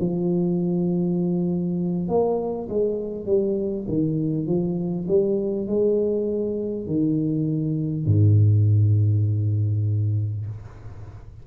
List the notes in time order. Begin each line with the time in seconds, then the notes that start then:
0.00 F3
2.08 A#3
2.69 G#3
3.26 G3
3.88 D#3
4.47 F3
5.08 G3
5.67 G#3
6.87 D#3
8.06 G#2